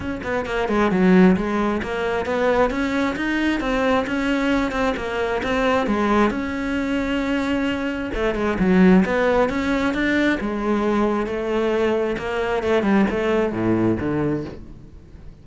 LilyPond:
\new Staff \with { instrumentName = "cello" } { \time 4/4 \tempo 4 = 133 cis'8 b8 ais8 gis8 fis4 gis4 | ais4 b4 cis'4 dis'4 | c'4 cis'4. c'8 ais4 | c'4 gis4 cis'2~ |
cis'2 a8 gis8 fis4 | b4 cis'4 d'4 gis4~ | gis4 a2 ais4 | a8 g8 a4 a,4 d4 | }